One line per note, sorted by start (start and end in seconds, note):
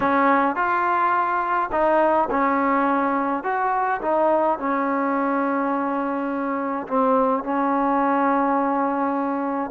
0.00 0.55 C#4
0.55 1.70 F4
1.71 2.29 D#4
2.30 3.43 C#4
3.43 4.00 F#4
4.01 4.58 D#4
4.58 6.87 C#4
6.87 7.43 C4
7.43 9.71 C#4